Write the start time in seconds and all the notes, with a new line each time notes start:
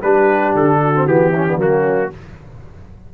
0.00 G3 D4 G4 B4
0.55 D3 A4
0.81 F#4
0.94 C4
1.06 E3 B3 G4
1.32 C#4 E4
1.47 B3 D4
1.57 F#3 A#3 C#4 F#4